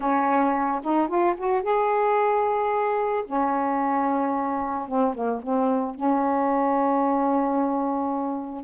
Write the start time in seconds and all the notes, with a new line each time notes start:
0.00 C#4
0.83 D#4
1.07 F4
1.37 F#4
1.62 G#4
3.26 C#4
4.88 C4
5.14 A#3
5.42 C4
5.95 C#4